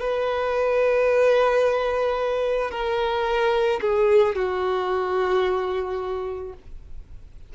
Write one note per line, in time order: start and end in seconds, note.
0.00 2.71 B4
2.71 3.80 A#4
3.81 4.35 G#4
4.35 6.54 F#4